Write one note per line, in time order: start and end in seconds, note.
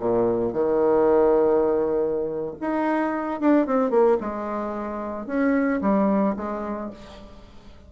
0.00 0.53 A#2
0.53 2.56 D#3
2.61 3.41 D#4
3.41 3.67 D4
3.67 3.91 C4
3.91 4.18 A#3
4.21 5.27 G#3
5.27 5.81 C#4
5.82 6.36 G3
6.37 6.91 G#3